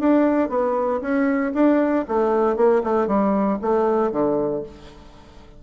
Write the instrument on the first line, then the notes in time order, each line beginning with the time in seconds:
bassoon
0.00 D4
0.50 B3
1.01 C#4
1.54 D4
2.08 A3
2.57 A#3
2.84 A3
3.07 G3
3.62 A3
4.12 D3